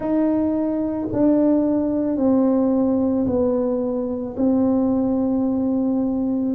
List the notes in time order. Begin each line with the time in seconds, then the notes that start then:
0.00 D#4
1.12 D4
2.16 C4
3.26 B3
4.36 C4